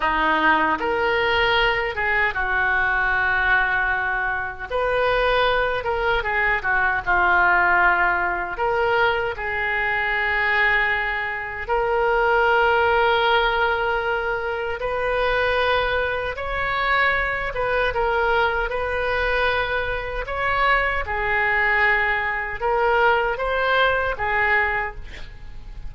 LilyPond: \new Staff \with { instrumentName = "oboe" } { \time 4/4 \tempo 4 = 77 dis'4 ais'4. gis'8 fis'4~ | fis'2 b'4. ais'8 | gis'8 fis'8 f'2 ais'4 | gis'2. ais'4~ |
ais'2. b'4~ | b'4 cis''4. b'8 ais'4 | b'2 cis''4 gis'4~ | gis'4 ais'4 c''4 gis'4 | }